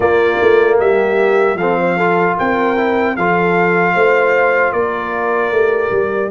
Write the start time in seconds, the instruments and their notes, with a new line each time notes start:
0.00 tuba A#3, trombone A#3, horn F4, trumpet D5
0.41 tuba A3
0.79 tuba G3, horn G4, trumpet E5
1.55 tuba F3, trombone C4, horn A4, trumpet F5
1.80 horn C5
1.96 trombone F4, horn A4
2.37 tuba C4, horn A#4, trumpet G5
2.76 trombone E4
3.16 tuba F3, trombone F4, horn A4, trumpet F5
3.94 tuba A3, horn C5
4.72 tuba A#3, horn A#4, trumpet D5
5.51 tuba A3, trombone G4
5.91 tuba G3